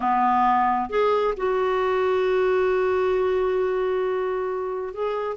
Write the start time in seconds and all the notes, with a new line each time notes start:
0.00 B3
0.89 G#4
1.37 F#4
4.93 G#4